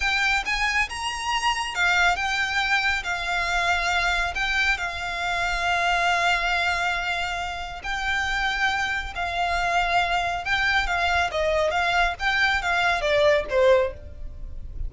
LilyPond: \new Staff \with { instrumentName = "violin" } { \time 4/4 \tempo 4 = 138 g''4 gis''4 ais''2 | f''4 g''2 f''4~ | f''2 g''4 f''4~ | f''1~ |
f''2 g''2~ | g''4 f''2. | g''4 f''4 dis''4 f''4 | g''4 f''4 d''4 c''4 | }